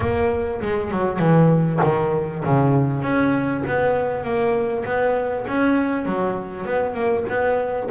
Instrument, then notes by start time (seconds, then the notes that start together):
double bass
0.00 A#3
0.61 G#3
0.91 F#3
1.19 E3
1.83 D#3
2.44 C#3
3.02 C#4
3.66 B3
4.23 A#3
4.85 B3
5.47 C#4
6.05 F#3
6.65 B3
6.94 A#3
7.29 B3